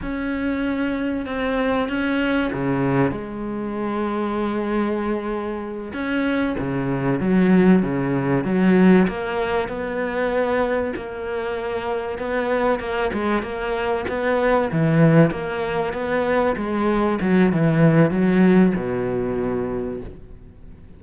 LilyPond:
\new Staff \with { instrumentName = "cello" } { \time 4/4 \tempo 4 = 96 cis'2 c'4 cis'4 | cis4 gis2.~ | gis4. cis'4 cis4 fis8~ | fis8 cis4 fis4 ais4 b8~ |
b4. ais2 b8~ | b8 ais8 gis8 ais4 b4 e8~ | e8 ais4 b4 gis4 fis8 | e4 fis4 b,2 | }